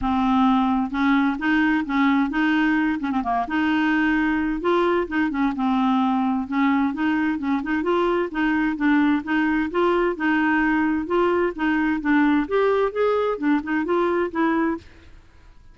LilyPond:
\new Staff \with { instrumentName = "clarinet" } { \time 4/4 \tempo 4 = 130 c'2 cis'4 dis'4 | cis'4 dis'4. cis'16 c'16 ais8 dis'8~ | dis'2 f'4 dis'8 cis'8 | c'2 cis'4 dis'4 |
cis'8 dis'8 f'4 dis'4 d'4 | dis'4 f'4 dis'2 | f'4 dis'4 d'4 g'4 | gis'4 d'8 dis'8 f'4 e'4 | }